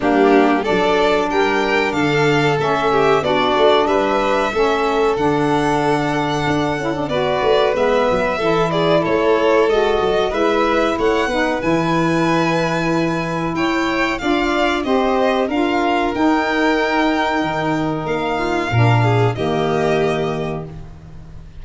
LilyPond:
<<
  \new Staff \with { instrumentName = "violin" } { \time 4/4 \tempo 4 = 93 g'4 d''4 g''4 f''4 | e''4 d''4 e''2 | fis''2. d''4 | e''4. d''8 cis''4 dis''4 |
e''4 fis''4 gis''2~ | gis''4 g''4 f''4 dis''4 | f''4 g''2. | f''2 dis''2 | }
  \new Staff \with { instrumentName = "violin" } { \time 4/4 d'4 a'4 ais'4 a'4~ | a'8 g'8 fis'4 b'4 a'4~ | a'2. b'4~ | b'4 a'8 gis'8 a'2 |
b'4 cis''8 b'2~ b'8~ | b'4 cis''4 d''4 c''4 | ais'1~ | ais'8 f'8 ais'8 gis'8 g'2 | }
  \new Staff \with { instrumentName = "saxophone" } { \time 4/4 ais4 d'2. | cis'4 d'2 cis'4 | d'2~ d'8 e'16 d'16 fis'4 | b4 e'2 fis'4 |
e'4. dis'8 e'2~ | e'2 f'4 g'4 | f'4 dis'2.~ | dis'4 d'4 ais2 | }
  \new Staff \with { instrumentName = "tuba" } { \time 4/4 g4 fis4 g4 d4 | a4 b8 a8 g4 a4 | d2 d'8 cis'8 b8 a8 | gis8 fis8 e4 a4 gis8 fis8 |
gis4 a8 b8 e2~ | e4 e'4 d'4 c'4 | d'4 dis'2 dis4 | ais4 ais,4 dis2 | }
>>